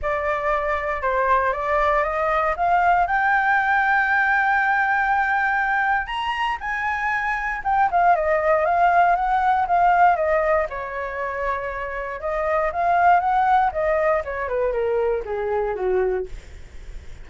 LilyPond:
\new Staff \with { instrumentName = "flute" } { \time 4/4 \tempo 4 = 118 d''2 c''4 d''4 | dis''4 f''4 g''2~ | g''1 | ais''4 gis''2 g''8 f''8 |
dis''4 f''4 fis''4 f''4 | dis''4 cis''2. | dis''4 f''4 fis''4 dis''4 | cis''8 b'8 ais'4 gis'4 fis'4 | }